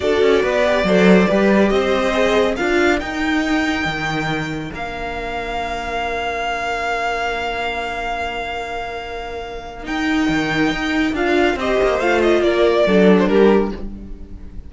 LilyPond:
<<
  \new Staff \with { instrumentName = "violin" } { \time 4/4 \tempo 4 = 140 d''1 | dis''2 f''4 g''4~ | g''2. f''4~ | f''1~ |
f''1~ | f''2. g''4~ | g''2 f''4 dis''4 | f''8 dis''8 d''4.~ d''16 c''16 ais'4 | }
  \new Staff \with { instrumentName = "violin" } { \time 4/4 a'4 b'4 c''4 b'4 | c''2 ais'2~ | ais'1~ | ais'1~ |
ais'1~ | ais'1~ | ais'2. c''4~ | c''4 ais'4 a'4 g'4 | }
  \new Staff \with { instrumentName = "viola" } { \time 4/4 fis'4. g'8 a'4 g'4~ | g'4 gis'4 f'4 dis'4~ | dis'2. d'4~ | d'1~ |
d'1~ | d'2. dis'4~ | dis'2 f'4 g'4 | f'2 d'2 | }
  \new Staff \with { instrumentName = "cello" } { \time 4/4 d'8 cis'8 b4 fis4 g4 | c'2 d'4 dis'4~ | dis'4 dis2 ais4~ | ais1~ |
ais1~ | ais2. dis'4 | dis4 dis'4 d'4 c'8 ais8 | a4 ais4 fis4 g4 | }
>>